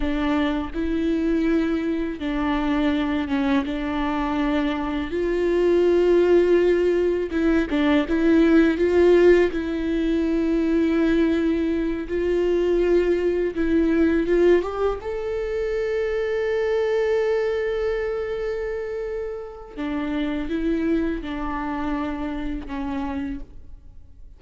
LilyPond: \new Staff \with { instrumentName = "viola" } { \time 4/4 \tempo 4 = 82 d'4 e'2 d'4~ | d'8 cis'8 d'2 f'4~ | f'2 e'8 d'8 e'4 | f'4 e'2.~ |
e'8 f'2 e'4 f'8 | g'8 a'2.~ a'8~ | a'2. d'4 | e'4 d'2 cis'4 | }